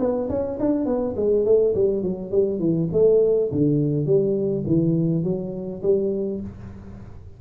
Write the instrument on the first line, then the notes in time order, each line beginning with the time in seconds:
tuba
0.00 B3
0.29 C#4
0.60 D4
0.86 B3
1.17 G#3
1.46 A3
1.75 G3
2.03 F#3
2.32 G3
2.59 E3
2.93 A3
3.52 D3
4.06 G3
4.67 E3
5.24 F#3
5.83 G3